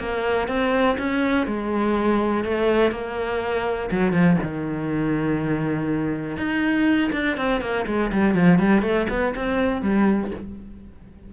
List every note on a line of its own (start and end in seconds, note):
0.00 0.49 A#3
0.49 0.98 C4
0.99 1.47 C#4
1.47 2.45 G#3
2.45 2.92 A3
2.92 3.90 A#3
3.91 4.13 F#3
4.13 4.37 F3
4.43 6.38 D#3
6.38 7.11 D#4
7.13 7.37 D4
7.37 7.62 C4
7.62 7.86 A#3
7.87 8.12 G#3
8.13 8.35 G3
8.35 8.60 F3
8.60 8.83 G3
8.83 9.07 A3
9.10 9.35 B3
9.36 9.82 C4
9.82 10.31 G3